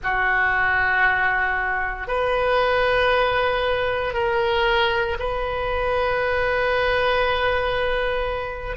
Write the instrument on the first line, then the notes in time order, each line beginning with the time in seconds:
oboe
0.03 F#4
2.07 B4
4.13 A#4
5.19 B4